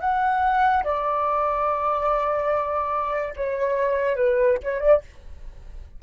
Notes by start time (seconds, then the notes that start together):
0.00 F#5
0.83 D5
3.36 C#5
4.16 B4
4.62 C#5
4.80 D5